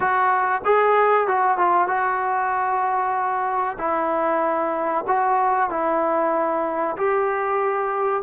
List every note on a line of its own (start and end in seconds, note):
0.00 0.61 F#4
0.64 1.27 G#4
1.27 1.57 F#4
1.57 1.87 F4
1.87 3.77 F#4
3.78 5.04 E4
5.07 5.70 F#4
5.70 6.96 E4
6.96 8.22 G4